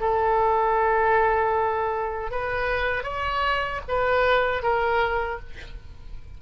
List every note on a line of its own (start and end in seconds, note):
0.00 2.31 A4
2.31 3.03 B4
3.03 3.80 C#5
3.88 4.62 B4
4.62 5.39 A#4